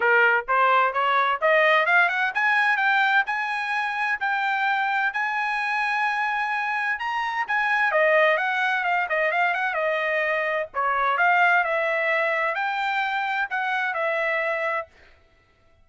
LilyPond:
\new Staff \with { instrumentName = "trumpet" } { \time 4/4 \tempo 4 = 129 ais'4 c''4 cis''4 dis''4 | f''8 fis''8 gis''4 g''4 gis''4~ | gis''4 g''2 gis''4~ | gis''2. ais''4 |
gis''4 dis''4 fis''4 f''8 dis''8 | f''8 fis''8 dis''2 cis''4 | f''4 e''2 g''4~ | g''4 fis''4 e''2 | }